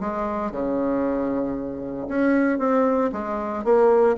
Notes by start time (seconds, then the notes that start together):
0.00 G#3
0.51 C#3
2.08 C#4
2.59 C4
3.12 G#3
3.64 A#3